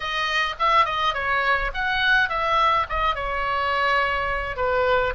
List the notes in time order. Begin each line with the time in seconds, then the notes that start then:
0.00 D#5
0.59 E5
0.85 D#5
1.14 C#5
1.74 F#5
2.29 E5
2.89 D#5
3.15 C#5
4.56 B4